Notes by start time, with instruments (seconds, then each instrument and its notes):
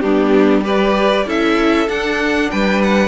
0.00 cello G3, viola B3, violin D4 G4
0.64 viola G4, violin B4 D5
1.27 cello C#4, viola E4, violin A4 E5
1.88 viola D4, cello D4, violin F#5
2.51 cello G3, violin B4 G5
2.83 violin F#5